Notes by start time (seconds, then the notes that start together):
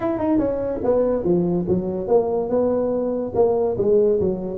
0.00 E4
0.18 D#4
0.38 C#4
0.84 B3
1.24 F3
1.68 F#3
2.07 A#3
2.49 B3
3.34 A#3
3.77 G#3
4.20 F#3